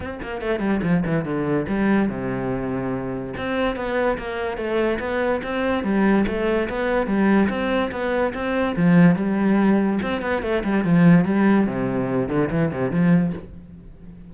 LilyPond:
\new Staff \with { instrumentName = "cello" } { \time 4/4 \tempo 4 = 144 c'8 ais8 a8 g8 f8 e8 d4 | g4 c2. | c'4 b4 ais4 a4 | b4 c'4 g4 a4 |
b4 g4 c'4 b4 | c'4 f4 g2 | c'8 b8 a8 g8 f4 g4 | c4. d8 e8 c8 f4 | }